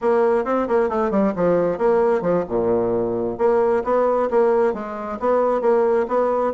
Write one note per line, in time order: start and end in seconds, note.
0.01 0.44 A#3
0.44 0.67 C4
0.68 0.89 A#3
0.89 1.10 A3
1.10 1.33 G3
1.35 1.78 F3
1.78 2.21 A#3
2.21 2.44 F3
2.48 3.38 A#2
3.38 3.83 A#3
3.84 4.29 B3
4.30 4.73 A#3
4.73 5.18 G#3
5.19 5.61 B3
5.61 6.06 A#3
6.08 6.53 B3